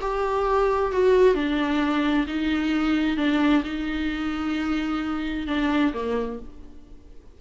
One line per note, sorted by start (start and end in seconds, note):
0.00 0.92 G4
0.92 1.34 F#4
1.34 2.26 D4
2.27 3.17 D#4
3.17 3.63 D4
3.64 5.47 D#4
5.47 5.93 D4
5.93 6.39 A#3